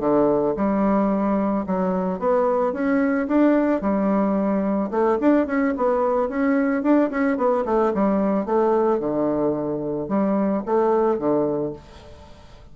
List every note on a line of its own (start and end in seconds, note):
0.00 0.54 D3
0.56 1.65 G3
1.66 2.19 F#3
2.19 2.73 B3
2.73 3.27 C#4
3.28 3.82 D4
3.82 4.91 G3
4.91 5.18 A3
5.21 5.47 D4
5.47 5.74 C#4
5.77 6.29 B3
6.29 6.83 C#4
6.83 7.10 D4
7.11 7.37 C#4
7.37 7.65 B3
7.65 7.93 A3
7.94 8.46 G3
8.46 9.00 A3
9.00 10.09 D3
10.09 10.63 G3
10.66 11.18 A3
11.18 11.73 D3